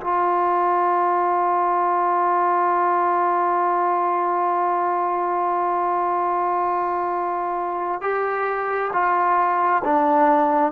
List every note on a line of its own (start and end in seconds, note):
0.00 8.01 F4
8.01 8.91 G4
8.92 9.82 F4
9.84 10.72 D4